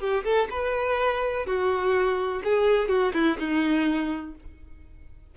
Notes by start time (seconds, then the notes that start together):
0.00 G4
0.24 A4
0.50 B4
1.46 F#4
2.44 G#4
2.89 F#4
3.14 E4
3.39 D#4